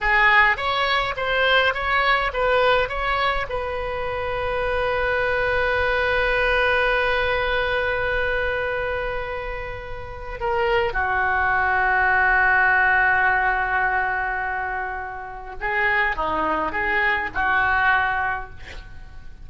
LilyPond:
\new Staff \with { instrumentName = "oboe" } { \time 4/4 \tempo 4 = 104 gis'4 cis''4 c''4 cis''4 | b'4 cis''4 b'2~ | b'1~ | b'1~ |
b'2 ais'4 fis'4~ | fis'1~ | fis'2. gis'4 | dis'4 gis'4 fis'2 | }